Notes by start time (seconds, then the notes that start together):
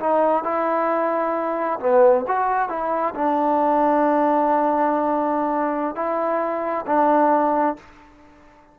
0.00 D#4
0.44 E4
1.80 B3
2.27 F#4
2.69 E4
3.15 D4
5.95 E4
6.87 D4